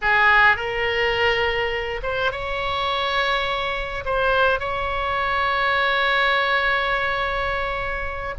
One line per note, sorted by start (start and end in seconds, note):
0.01 0.56 G#4
0.56 2.00 A#4
2.02 2.31 C5
2.31 4.04 C#5
4.05 4.59 C5
4.59 8.34 C#5